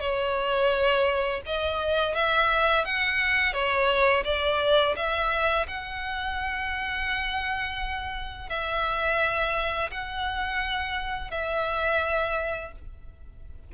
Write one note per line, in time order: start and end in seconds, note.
0.00 1.41 C#5
1.46 2.15 D#5
2.15 2.85 E5
2.85 3.53 F#5
3.53 4.24 C#5
4.25 4.95 D5
4.96 5.67 E5
5.68 8.50 F#5
8.50 9.91 E5
9.91 11.31 F#5
11.31 12.72 E5